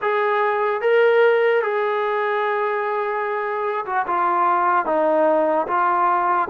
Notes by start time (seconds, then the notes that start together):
0.01 G#4
0.81 A#4
1.62 G#4
3.85 F#4
4.06 F4
4.85 D#4
5.67 F4